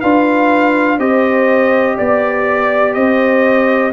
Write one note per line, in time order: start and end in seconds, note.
0.00 0.99 D4
0.00 0.99 F4
0.00 0.98 B4
0.00 0.99 F5
0.99 1.98 C4
0.99 3.92 G4
0.99 1.97 C5
0.99 1.98 D#5
1.97 2.96 B3
1.97 2.95 D5
1.97 2.94 D5
2.94 3.92 C4
2.94 3.92 C5
2.94 3.92 D#5